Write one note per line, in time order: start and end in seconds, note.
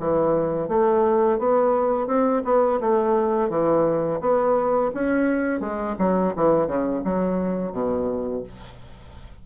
0.00 0.69 E3
0.69 1.39 A3
1.39 2.07 B3
2.07 2.43 C4
2.45 2.80 B3
2.81 3.49 A3
3.49 4.20 E3
4.21 4.92 B3
4.94 5.60 C#4
5.60 5.96 G#3
5.99 6.34 F#3
6.36 6.67 E3
6.67 7.03 C#3
7.04 7.73 F#3
7.73 8.43 B2